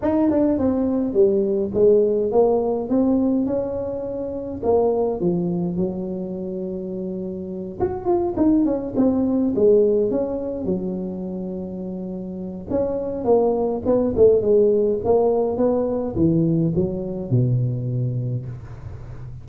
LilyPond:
\new Staff \with { instrumentName = "tuba" } { \time 4/4 \tempo 4 = 104 dis'8 d'8 c'4 g4 gis4 | ais4 c'4 cis'2 | ais4 f4 fis2~ | fis4. fis'8 f'8 dis'8 cis'8 c'8~ |
c'8 gis4 cis'4 fis4.~ | fis2 cis'4 ais4 | b8 a8 gis4 ais4 b4 | e4 fis4 b,2 | }